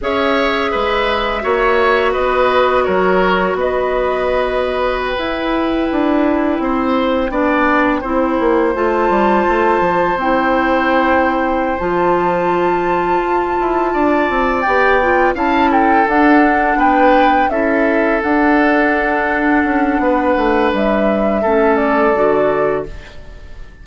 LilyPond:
<<
  \new Staff \with { instrumentName = "flute" } { \time 4/4 \tempo 4 = 84 e''2. dis''4 | cis''4 dis''2 g''4~ | g''1~ | g''16 a''2 g''4.~ g''16~ |
g''8 a''2.~ a''8~ | a''8 g''4 a''8 g''8 fis''4 g''8~ | g''8 e''4 fis''2~ fis''8~ | fis''4 e''4. d''4. | }
  \new Staff \with { instrumentName = "oboe" } { \time 4/4 cis''4 b'4 cis''4 b'4 | ais'4 b'2.~ | b'4~ b'16 c''4 d''4 c''8.~ | c''1~ |
c''2.~ c''8 d''8~ | d''4. f''8 a'4. b'8~ | b'8 a'2.~ a'8 | b'2 a'2 | }
  \new Staff \with { instrumentName = "clarinet" } { \time 4/4 gis'2 fis'2~ | fis'2.~ fis'16 e'8.~ | e'2~ e'16 d'4 e'8.~ | e'16 f'2 e'4.~ e'16~ |
e'8 f'2.~ f'8~ | f'8 g'8 f'8 e'4 d'4.~ | d'8 e'4 d'2~ d'8~ | d'2 cis'4 fis'4 | }
  \new Staff \with { instrumentName = "bassoon" } { \time 4/4 cis'4 gis4 ais4 b4 | fis4 b2~ b16 e'8.~ | e'16 d'4 c'4 b4 c'8 ais16~ | ais16 a8 g8 a8 f8 c'4.~ c'16~ |
c'8 f2 f'8 e'8 d'8 | c'8 b4 cis'4 d'4 b8~ | b8 cis'4 d'2 cis'8 | b8 a8 g4 a4 d4 | }
>>